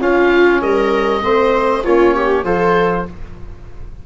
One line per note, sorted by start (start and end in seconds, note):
0.00 0.61 C#4
0.00 1.22 C#4
0.00 0.62 F4
0.00 0.62 F5
0.62 1.23 G3
0.62 1.23 A#4
0.62 1.85 D#5
1.22 1.85 A3
1.22 1.83 C4
1.22 1.84 C5
1.84 2.44 A#3
1.84 2.44 C#4
1.84 2.15 F4
1.84 2.45 C#5
2.15 2.45 G4
2.44 3.05 F3
2.44 3.06 F4
2.44 3.06 A4
2.44 3.06 C5